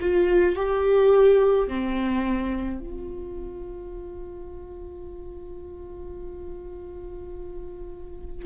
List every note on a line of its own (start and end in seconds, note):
0.00 0.56 F4
0.56 1.68 G4
1.68 2.80 C4
2.80 8.45 F4